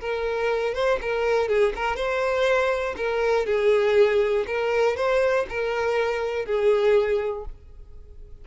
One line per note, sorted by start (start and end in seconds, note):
0.00 0.74 A#4
0.74 0.99 C5
1.01 1.48 A#4
1.48 1.73 G#4
1.76 1.96 A#4
1.96 2.95 C5
2.97 3.46 A#4
3.46 4.45 G#4
4.46 4.96 A#4
4.96 5.46 C5
5.49 6.45 A#4
6.45 7.44 G#4